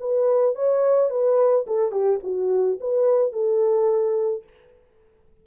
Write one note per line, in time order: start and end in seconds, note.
0.00 0.55 B4
0.55 1.10 C#5
1.10 1.66 B4
1.67 1.92 A4
1.92 2.20 G4
2.24 2.79 F#4
2.81 3.33 B4
3.33 4.44 A4